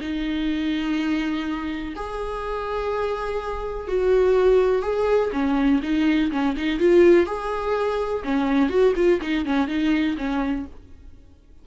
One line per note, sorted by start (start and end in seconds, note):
0.00 1.94 D#4
1.96 3.87 G#4
3.87 4.82 F#4
4.82 5.30 G#4
5.32 5.80 C#4
5.82 6.30 D#4
6.31 6.55 C#4
6.56 6.79 D#4
6.79 7.26 F4
7.26 8.22 G#4
8.24 8.69 C#4
8.69 8.93 F#4
8.96 9.20 F4
9.21 9.45 D#4
9.45 9.68 C#4
9.68 10.16 D#4
10.17 10.65 C#4